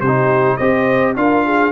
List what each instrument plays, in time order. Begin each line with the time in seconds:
0.00 tuba C3, horn G4, trumpet C5
0.07 trombone D#4
0.56 tuba C4, trombone G4, horn C5, trumpet D#5
1.15 tuba D4, trombone F4, horn A#4, trumpet F5
1.45 horn G#4